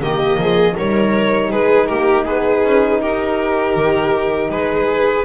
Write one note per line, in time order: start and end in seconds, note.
0.00 0.37 D#3
0.00 0.75 A#3
0.00 0.40 G4
0.00 0.77 D#5
0.37 0.75 F3
0.37 0.75 G#4
0.75 1.53 G3
0.75 5.25 D#4
0.75 1.50 A#4
0.75 1.52 C#5
1.50 1.90 G#3
1.50 1.88 G#4
1.50 1.87 B4
1.87 2.27 A#3
1.87 2.25 G4
1.87 2.24 A#4
2.25 2.64 B3
2.25 3.00 G#4
2.25 3.01 B4
2.64 3.01 C#4
3.01 3.76 D#4
3.01 4.52 G4
3.01 4.50 A#4
3.76 4.50 D#3
4.50 5.25 G#3
4.50 5.25 G#4
4.50 5.25 B4